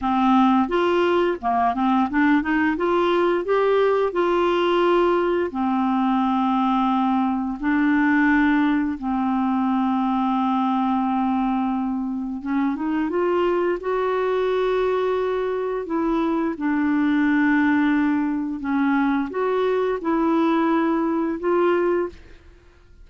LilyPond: \new Staff \with { instrumentName = "clarinet" } { \time 4/4 \tempo 4 = 87 c'4 f'4 ais8 c'8 d'8 dis'8 | f'4 g'4 f'2 | c'2. d'4~ | d'4 c'2.~ |
c'2 cis'8 dis'8 f'4 | fis'2. e'4 | d'2. cis'4 | fis'4 e'2 f'4 | }